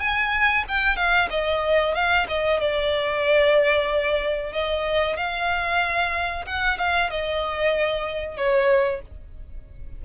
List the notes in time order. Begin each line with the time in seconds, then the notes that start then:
0.00 G#5
0.69 G5
0.97 F5
1.31 D#5
1.95 F5
2.29 D#5
2.61 D5
4.53 D#5
5.17 F5
6.46 F#5
6.79 F5
7.11 D#5
8.37 C#5